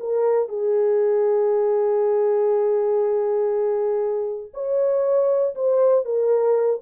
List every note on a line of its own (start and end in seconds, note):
0.00 0.49 A#4
0.49 4.52 G#4
4.54 5.55 C#5
5.55 6.05 C5
6.05 6.81 A#4